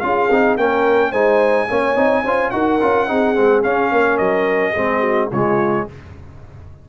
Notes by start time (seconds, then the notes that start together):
0.00 C#4 F4 G#4 F5
0.30 C4 D#4
0.57 A#3 C#4 A#4 G5
1.10 G#3 D#4 C5 G#5
1.69 A#3 C#4 C#5
1.95 C4 D#4
2.22 C#4 F4 C5
2.50 D#4 F#4 A#4 F#5
2.81 C#4 F4
3.07 C4 D#4 G#4
3.35 G#3 C4
3.63 C#4 F5
3.91 A#3 A#4
4.17 F#3 D#5
4.73 G#3 C4 G#4
5.00 F#4
5.31 C#3 G#3 F4 C#5